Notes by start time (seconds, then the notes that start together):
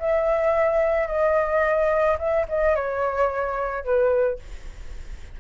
0.00 E5
1.08 D#5
2.19 E5
2.49 D#5
2.75 C#5
3.84 B4